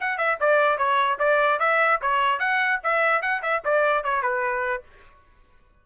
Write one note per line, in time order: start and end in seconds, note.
0.00 0.18 F#5
0.18 0.38 E5
0.40 0.78 D5
0.78 1.18 C#5
1.19 1.59 D5
1.59 2.00 E5
2.01 2.39 C#5
2.39 2.80 F#5
2.83 3.21 E5
3.21 3.42 F#5
3.42 3.62 E5
3.64 4.03 D5
4.03 4.22 C#5
4.22 4.83 B4